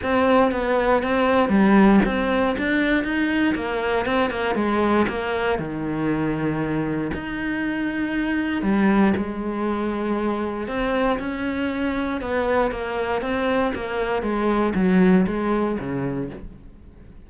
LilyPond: \new Staff \with { instrumentName = "cello" } { \time 4/4 \tempo 4 = 118 c'4 b4 c'4 g4 | c'4 d'4 dis'4 ais4 | c'8 ais8 gis4 ais4 dis4~ | dis2 dis'2~ |
dis'4 g4 gis2~ | gis4 c'4 cis'2 | b4 ais4 c'4 ais4 | gis4 fis4 gis4 cis4 | }